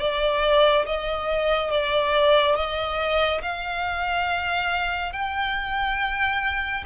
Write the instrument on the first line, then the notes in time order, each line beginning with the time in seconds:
violin
0.00 D5
0.86 D#5
1.71 D5
2.56 D#5
3.42 F5
5.13 G5